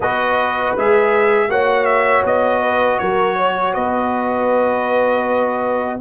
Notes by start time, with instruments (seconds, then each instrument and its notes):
0.00 tuba B3, trombone F#4, horn B4, trumpet D#5
0.76 tuba G#3, trombone G#4, trumpet E5
1.48 tuba A#3, trombone F#4, horn C#5, trumpet F#5
1.85 trumpet E5
2.24 tuba B3, trumpet D#5
2.61 horn B4
2.98 tuba F#3, horn A#4, trumpet C#5
3.36 horn C#5
3.74 tuba B3, horn B4, trumpet D#5